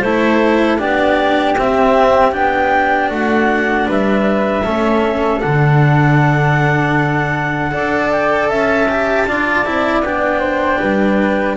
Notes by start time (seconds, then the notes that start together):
0.00 A3 E4 A4 C5
0.78 B3 D4 G4 D5
1.58 C4 E5
2.31 B3 D4 G5
3.09 A3 F#4 F#5
3.87 G3 B4 E5
4.63 A3 C#4 A4
5.40 D3 D4 F#5
7.71 D4 A4 D5
8.10 G5
8.46 C#4 E5 A5
8.88 G4
9.26 D4 F4 D5
9.65 C4 E4
10.01 B3 D4 G5
10.39 C5
10.78 G3 B4